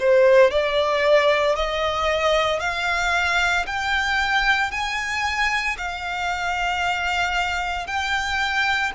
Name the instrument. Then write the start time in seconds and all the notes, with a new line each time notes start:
violin
0.00 C5
0.51 D5
1.56 D#5
2.61 F5
3.67 G5
4.72 G#5
5.78 F5
7.88 G5